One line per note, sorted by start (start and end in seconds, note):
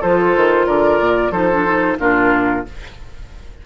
0.00 0.36 F3
0.00 1.32 F4
0.00 0.66 A4
0.00 0.66 C5
0.36 0.67 D#3
0.66 0.99 D3
0.66 1.31 A#4
0.66 1.31 D5
0.99 1.31 A#2
1.31 1.97 F3
1.31 1.49 D#4
1.31 1.97 A4
1.31 1.97 C5
1.52 1.65 D4
1.65 1.98 D#4
1.98 2.64 A#2
1.98 2.64 D4
1.98 2.66 F4
1.98 2.66 A#4